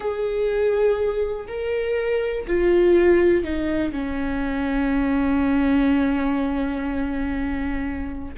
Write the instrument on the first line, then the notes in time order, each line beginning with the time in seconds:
viola
0.00 G#4
1.47 A#4
2.47 F4
3.44 D#4
3.91 C#4